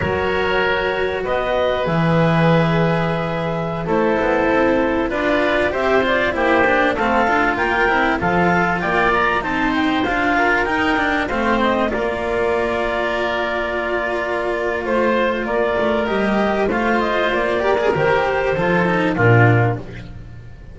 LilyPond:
<<
  \new Staff \with { instrumentName = "clarinet" } { \time 4/4 \tempo 4 = 97 cis''2 dis''4 e''4~ | e''2~ e''16 c''4.~ c''16~ | c''16 d''4 e''8 d''8 c''4 f''8.~ | f''16 g''4 f''4 g''8 ais''8 a''8 g''16~ |
g''16 f''4 g''4 f''8 dis''8 d''8.~ | d''1 | c''4 d''4 dis''4 f''8 dis''8 | d''4 c''2 ais'4 | }
  \new Staff \with { instrumentName = "oboe" } { \time 4/4 ais'2 b'2~ | b'2~ b'16 a'4.~ a'16~ | a'16 b'4 c''4 g'4 a'8.~ | a'16 ais'4 a'4 d''4 c''8.~ |
c''8. ais'4. c''4 ais'8.~ | ais'1 | c''4 ais'2 c''4~ | c''8 ais'4. a'4 f'4 | }
  \new Staff \with { instrumentName = "cello" } { \time 4/4 fis'2. gis'4~ | gis'2~ gis'16 e'4.~ e'16~ | e'16 f'4 g'8 f'8 e'8 d'8 c'8 f'16~ | f'8. e'8 f'2 dis'8.~ |
dis'16 f'4 dis'8 d'8 c'4 f'8.~ | f'1~ | f'2 g'4 f'4~ | f'8 g'16 gis'16 g'4 f'8 dis'8 d'4 | }
  \new Staff \with { instrumentName = "double bass" } { \time 4/4 fis2 b4 e4~ | e2~ e16 a8 b8 c'8.~ | c'16 d'4 c'4 ais4 a8 d'16~ | d'16 ais8 c'8 f4 ais4 c'8.~ |
c'16 d'4 dis'4 a4 ais8.~ | ais1 | a4 ais8 a8 g4 a4 | ais4 dis4 f4 ais,4 | }
>>